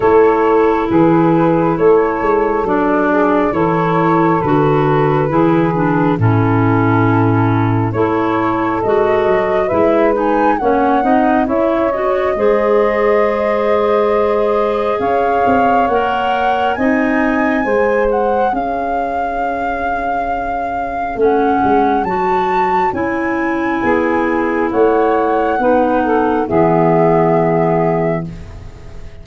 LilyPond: <<
  \new Staff \with { instrumentName = "flute" } { \time 4/4 \tempo 4 = 68 cis''4 b'4 cis''4 d''4 | cis''4 b'2 a'4~ | a'4 cis''4 dis''4 e''8 gis''8 | fis''4 e''8 dis''2~ dis''8~ |
dis''4 f''4 fis''4 gis''4~ | gis''8 fis''8 f''2. | fis''4 a''4 gis''2 | fis''2 e''2 | }
  \new Staff \with { instrumentName = "saxophone" } { \time 4/4 a'4 gis'4 a'4. gis'8 | a'2 gis'4 e'4~ | e'4 a'2 b'4 | cis''8 dis''8 cis''4 c''2~ |
c''4 cis''2 dis''4 | c''4 cis''2.~ | cis''2. gis'4 | cis''4 b'8 a'8 gis'2 | }
  \new Staff \with { instrumentName = "clarinet" } { \time 4/4 e'2. d'4 | e'4 fis'4 e'8 d'8 cis'4~ | cis'4 e'4 fis'4 e'8 dis'8 | cis'8 dis'8 e'8 fis'8 gis'2~ |
gis'2 ais'4 dis'4 | gis'1 | cis'4 fis'4 e'2~ | e'4 dis'4 b2 | }
  \new Staff \with { instrumentName = "tuba" } { \time 4/4 a4 e4 a8 gis8 fis4 | e4 d4 e4 a,4~ | a,4 a4 gis8 fis8 gis4 | ais8 c'8 cis'4 gis2~ |
gis4 cis'8 c'8 ais4 c'4 | gis4 cis'2. | a8 gis8 fis4 cis'4 b4 | a4 b4 e2 | }
>>